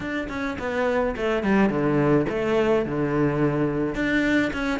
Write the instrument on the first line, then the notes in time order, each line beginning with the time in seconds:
cello
0.00 D4
0.28 C#4
0.58 B3
1.16 A3
1.43 G3
1.69 D3
2.29 A3
2.85 D3
3.94 D4
4.53 C#4